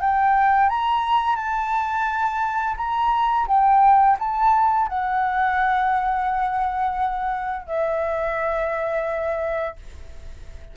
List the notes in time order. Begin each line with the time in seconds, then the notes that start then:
0.00 G5
0.69 A#5
1.36 A5
2.77 A#5
3.47 G5
4.19 A5
4.88 F#5
7.66 E5